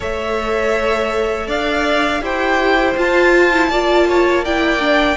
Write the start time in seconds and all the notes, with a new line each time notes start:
0.00 A3 A4 C#5 E5
1.47 D4 D5 F5
2.20 E4 G4 C5 G5
2.97 F4 A5
3.52 E4
3.67 A#3 F4 D5
4.07 C#5
4.44 E4 D5 G5
4.79 D4